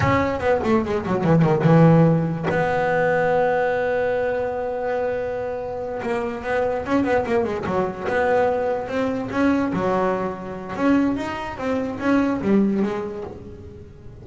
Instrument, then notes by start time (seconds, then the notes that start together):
double bass
0.00 C#4
0.39 B3
0.64 A3
0.84 G#3
1.06 F#3
1.24 E3
1.42 D#3
1.63 E3
2.50 B3
6.02 A#3
6.43 B3
6.86 C#4
7.04 B3
7.26 A#3
7.44 G#3
7.66 F#3
8.07 B3
8.88 C4
9.30 C#4
9.73 F#3
10.76 C#4
11.16 D#4
11.57 C4
11.99 C#4
12.41 G3
12.82 G#3